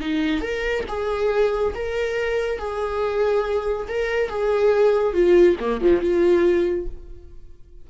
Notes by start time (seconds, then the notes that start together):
0.00 D#4
0.41 A#4
0.88 G#4
1.74 A#4
2.59 G#4
3.88 A#4
4.29 G#4
5.13 F4
5.59 A#3
5.81 F3
6.01 F4